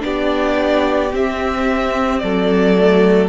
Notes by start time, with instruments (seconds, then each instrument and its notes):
0.00 cello B3, viola D4, violin G4 D5
1.13 cello C4, viola C4, violin E5
2.19 cello F#3, violin A4 D5
2.78 viola A3